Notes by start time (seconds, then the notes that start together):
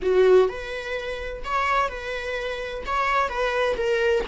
0.02 F#4
0.48 B4
1.44 C#5
1.89 B4
2.85 C#5
3.28 B4
3.77 A#4